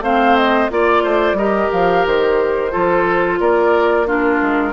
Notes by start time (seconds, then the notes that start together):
0.00 A3 C4 C5 F5
0.36 D#5
0.70 A#3 F4 D5
1.03 A3 C5
1.33 G3 G4 A#4 D#5
1.72 F3 F5
2.06 D#3 C5
2.71 F3 F4 A4
3.39 A#3 A#4 D5
4.06 D4 F4 A#4
4.41 G#3